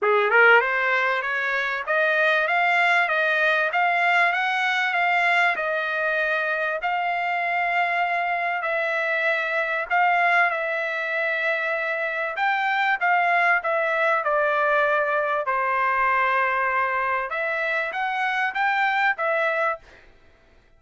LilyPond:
\new Staff \with { instrumentName = "trumpet" } { \time 4/4 \tempo 4 = 97 gis'8 ais'8 c''4 cis''4 dis''4 | f''4 dis''4 f''4 fis''4 | f''4 dis''2 f''4~ | f''2 e''2 |
f''4 e''2. | g''4 f''4 e''4 d''4~ | d''4 c''2. | e''4 fis''4 g''4 e''4 | }